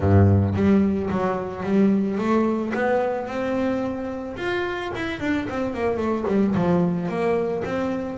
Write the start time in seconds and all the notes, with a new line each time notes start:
0.00 G2
0.55 G3
1.10 F#3
1.63 G3
2.18 A3
2.73 B3
3.27 C4
4.36 F4
4.95 E4
5.20 D4
5.49 C4
5.73 A#3
5.97 A3
6.27 G3
6.55 F3
7.08 A#3
7.64 C4